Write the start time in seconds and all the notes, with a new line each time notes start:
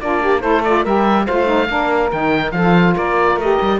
0.00 A#3 D4 F4 D5
0.21 G4
0.39 A3 E4 A4 C5
0.64 F4 D5
0.82 G3 G4 A#4 E5
1.26 A3 F4 C5 F5
1.45 D#4
1.68 A#3 D4 A#4
2.11 D#3 D#4 G5
2.51 F3 A4 F5
2.58 F4
2.95 A#3 A#4 D5
3.36 A3 G4 D#5
3.61 G3